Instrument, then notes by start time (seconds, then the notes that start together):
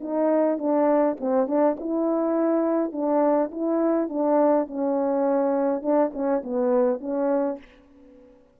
horn
0.00 D#4
0.58 D4
1.20 C4
1.47 D4
1.80 E4
2.92 D4
3.51 E4
4.09 D4
4.67 C#4
5.82 D4
6.13 C#4
6.43 B3
7.00 C#4